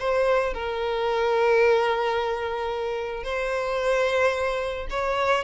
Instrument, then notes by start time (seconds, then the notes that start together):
violin
0.00 C5
0.54 A#4
3.24 C5
4.90 C#5